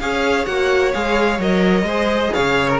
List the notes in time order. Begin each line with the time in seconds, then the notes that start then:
0.00 C#4 G#4 C#5 F5
0.46 A#3 F#4 F#5
0.94 G#3 G#4 F5
1.39 F#3 A#4 D#5
1.83 G#3 G#4 C5
2.34 C#3 C#5 F5
2.69 A#4